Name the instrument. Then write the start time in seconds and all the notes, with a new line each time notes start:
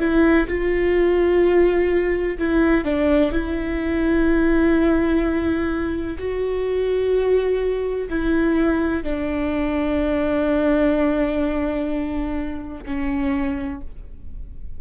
viola
0.00 E4
0.48 F4
2.39 E4
2.85 D4
3.32 E4
6.19 F#4
8.10 E4
9.03 D4
12.86 C#4